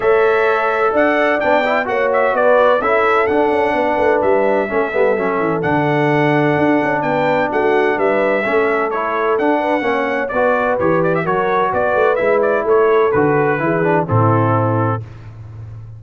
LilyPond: <<
  \new Staff \with { instrumentName = "trumpet" } { \time 4/4 \tempo 4 = 128 e''2 fis''4 g''4 | fis''8 e''8 d''4 e''4 fis''4~ | fis''4 e''2. | fis''2. g''4 |
fis''4 e''2 cis''4 | fis''2 d''4 cis''8 d''16 e''16 | cis''4 d''4 e''8 d''8 cis''4 | b'2 a'2 | }
  \new Staff \with { instrumentName = "horn" } { \time 4/4 cis''2 d''2 | cis''4 b'4 a'2 | b'2 a'2~ | a'2. b'4 |
fis'4 b'4 a'2~ | a'8 b'8 cis''4 b'2 | ais'4 b'2 a'4~ | a'4 gis'4 e'2 | }
  \new Staff \with { instrumentName = "trombone" } { \time 4/4 a'2. d'8 e'8 | fis'2 e'4 d'4~ | d'2 cis'8 b8 cis'4 | d'1~ |
d'2 cis'4 e'4 | d'4 cis'4 fis'4 g'4 | fis'2 e'2 | fis'4 e'8 d'8 c'2 | }
  \new Staff \with { instrumentName = "tuba" } { \time 4/4 a2 d'4 b4 | ais4 b4 cis'4 d'8 cis'8 | b8 a8 g4 a8 g8 fis8 e8 | d2 d'8 cis'8 b4 |
a4 g4 a2 | d'4 ais4 b4 e4 | fis4 b8 a8 gis4 a4 | d4 e4 a,2 | }
>>